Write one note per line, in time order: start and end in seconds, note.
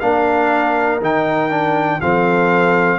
0.00 1.01 A#3
0.00 1.01 D4
0.00 2.00 A#4
0.00 1.00 F5
1.01 2.01 D#3
1.01 1.50 D#4
1.01 2.01 G5
1.50 2.00 D4
2.01 2.99 F3
2.01 2.99 C4
2.01 2.99 A4
2.01 2.99 F5